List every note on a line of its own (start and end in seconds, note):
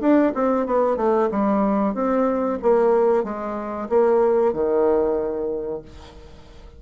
0.00 0.32 D4
0.34 0.66 C4
0.66 0.96 B3
0.96 1.28 A3
1.30 1.94 G3
1.94 2.58 C4
2.62 3.23 A#3
3.23 3.88 G#3
3.89 4.52 A#3
4.52 5.82 D#3